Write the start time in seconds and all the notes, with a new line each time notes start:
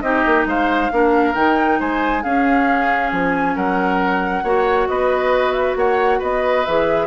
0.00 C4 D#4 G4 D#5
0.26 A#3
0.45 G#3 C5 F5
0.91 A#3 D4 A#4
1.33 D#3 D#4 G5
1.79 G#3 C5 G#5
2.22 C#4 G#4 F5
3.12 F3 G#5
3.55 F#3 A#4 F#5
4.43 A#3 F#4 C#5
4.88 B3 B4 D#5
5.52 E5
5.75 A#3 C#5 F#5
6.18 B3 B4 D#5
6.65 E3 G#4 E5